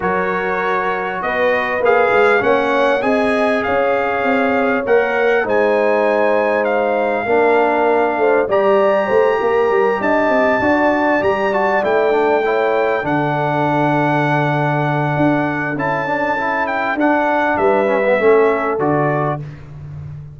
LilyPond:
<<
  \new Staff \with { instrumentName = "trumpet" } { \time 4/4 \tempo 4 = 99 cis''2 dis''4 f''4 | fis''4 gis''4 f''2 | fis''4 gis''2 f''4~ | f''2 ais''2~ |
ais''8 a''2 ais''8 a''8 g''8~ | g''4. fis''2~ fis''8~ | fis''2 a''4. g''8 | fis''4 e''2 d''4 | }
  \new Staff \with { instrumentName = "horn" } { \time 4/4 ais'2 b'2 | cis''4 dis''4 cis''2~ | cis''4 c''2. | ais'4. c''8 d''4 c''8 ais'8~ |
ais'8 dis''4 d''2~ d''8~ | d''8 cis''4 a'2~ a'8~ | a'1~ | a'4 b'4 a'2 | }
  \new Staff \with { instrumentName = "trombone" } { \time 4/4 fis'2. gis'4 | cis'4 gis'2. | ais'4 dis'2. | d'2 g'2~ |
g'4. fis'4 g'8 fis'8 e'8 | d'8 e'4 d'2~ d'8~ | d'2 e'8 d'8 e'4 | d'4. cis'16 b16 cis'4 fis'4 | }
  \new Staff \with { instrumentName = "tuba" } { \time 4/4 fis2 b4 ais8 gis8 | ais4 c'4 cis'4 c'4 | ais4 gis2. | ais4. a8 g4 a8 ais8 |
g8 d'8 c'8 d'4 g4 a8~ | a4. d2~ d8~ | d4 d'4 cis'2 | d'4 g4 a4 d4 | }
>>